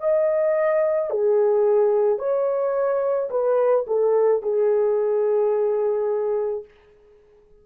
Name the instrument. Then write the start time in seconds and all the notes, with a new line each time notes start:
horn
0.00 D#5
1.11 G#4
2.19 C#5
3.30 B4
3.87 A4
4.42 G#4